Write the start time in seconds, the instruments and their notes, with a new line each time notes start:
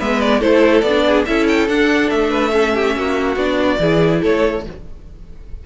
0.00 cello G#3, viola B3, violin B4 E5
0.21 violin D5
0.40 cello A3, viola E4, violin A4 C5
0.81 cello B3, violin D5
0.89 viola D4
1.07 violin G#4
1.26 cello C#4, viola E4, violin A4 E5
1.48 violin G5
1.69 cello D4, viola D4, violin F#5
2.10 cello A3, violin E5
2.30 violin B4
2.51 viola C#4, violin A4
2.75 violin G4
2.96 cello A#3, violin F#4
3.36 cello B3, viola D4, violin D5
3.79 cello E3, viola E4, violin G#4
4.22 cello A3, violin A4 C#5